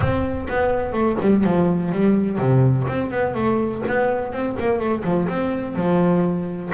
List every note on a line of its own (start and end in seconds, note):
0.00 0.47 C4
0.49 0.93 B3
0.93 1.17 A3
1.20 1.44 G3
1.44 1.91 F3
1.91 2.38 G3
2.38 2.86 C3
2.87 3.11 C4
3.11 3.34 B3
3.34 3.82 A3
3.87 4.32 B3
4.32 4.56 C4
4.59 4.79 A#3
4.79 5.03 A3
5.04 5.28 F3
5.28 5.75 C4
5.75 6.71 F3